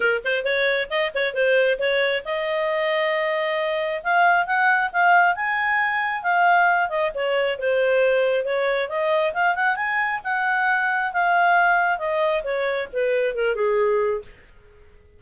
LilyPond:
\new Staff \with { instrumentName = "clarinet" } { \time 4/4 \tempo 4 = 135 ais'8 c''8 cis''4 dis''8 cis''8 c''4 | cis''4 dis''2.~ | dis''4 f''4 fis''4 f''4 | gis''2 f''4. dis''8 |
cis''4 c''2 cis''4 | dis''4 f''8 fis''8 gis''4 fis''4~ | fis''4 f''2 dis''4 | cis''4 b'4 ais'8 gis'4. | }